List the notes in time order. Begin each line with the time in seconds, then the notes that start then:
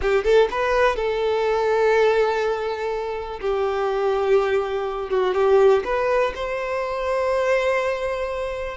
0.01 G4
0.24 A4
0.50 B4
0.96 A4
3.41 G4
5.10 F#4
5.34 G4
5.84 B4
6.35 C5